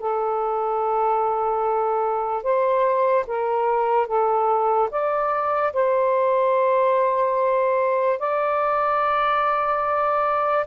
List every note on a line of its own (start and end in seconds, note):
0.00 2.44 A4
2.44 3.26 C5
3.27 4.07 A#4
4.07 4.89 A4
4.91 5.73 D5
5.74 8.20 C5
8.20 10.66 D5